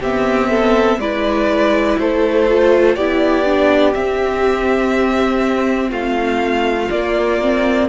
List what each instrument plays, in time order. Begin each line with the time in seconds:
0.00 viola B3, cello C4, violin G4 E5
0.50 violin A4
0.99 cello G#3, viola E4, violin B4 D5
1.99 cello A3, violin A4 C5
2.49 viola F4
2.96 cello B3, viola E4, violin G4 D5
3.45 viola D4
3.94 viola C4, cello C4, violin E5
5.90 cello A3, violin F4 F5
6.91 cello A#3, viola A#3, violin D5
7.42 viola C4